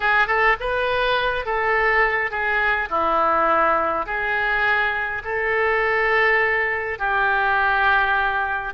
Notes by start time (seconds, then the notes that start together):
0.00 G#4
0.27 A4
0.60 B4
1.45 A4
2.30 G#4
2.89 E4
4.05 G#4
5.24 A4
6.98 G4